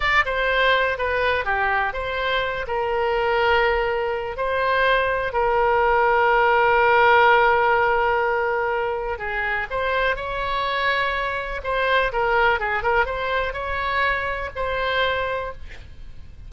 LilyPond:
\new Staff \with { instrumentName = "oboe" } { \time 4/4 \tempo 4 = 124 d''8 c''4. b'4 g'4 | c''4. ais'2~ ais'8~ | ais'4 c''2 ais'4~ | ais'1~ |
ais'2. gis'4 | c''4 cis''2. | c''4 ais'4 gis'8 ais'8 c''4 | cis''2 c''2 | }